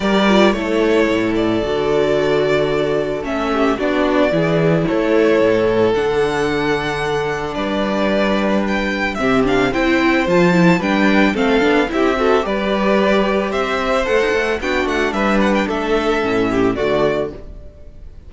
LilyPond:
<<
  \new Staff \with { instrumentName = "violin" } { \time 4/4 \tempo 4 = 111 d''4 cis''4. d''4.~ | d''2 e''4 d''4~ | d''4 cis''2 fis''4~ | fis''2 d''2 |
g''4 e''8 f''8 g''4 a''4 | g''4 f''4 e''4 d''4~ | d''4 e''4 fis''4 g''8 fis''8 | e''8 fis''16 g''16 e''2 d''4 | }
  \new Staff \with { instrumentName = "violin" } { \time 4/4 ais'4 a'2.~ | a'2~ a'8 g'8 fis'4 | gis'4 a'2.~ | a'2 b'2~ |
b'4 g'4 c''2 | b'4 a'4 g'8 a'8 b'4~ | b'4 c''2 fis'4 | b'4 a'4. g'8 fis'4 | }
  \new Staff \with { instrumentName = "viola" } { \time 4/4 g'8 f'8 e'2 fis'4~ | fis'2 cis'4 d'4 | e'2. d'4~ | d'1~ |
d'4 c'8 d'8 e'4 f'8 e'8 | d'4 c'8 d'8 e'8 fis'8 g'4~ | g'2 a'4 d'4~ | d'2 cis'4 a4 | }
  \new Staff \with { instrumentName = "cello" } { \time 4/4 g4 a4 a,4 d4~ | d2 a4 b4 | e4 a4 a,4 d4~ | d2 g2~ |
g4 c4 c'4 f4 | g4 a8 b8 c'4 g4~ | g4 c'4 a16 dis'16 a8 b8 a8 | g4 a4 a,4 d4 | }
>>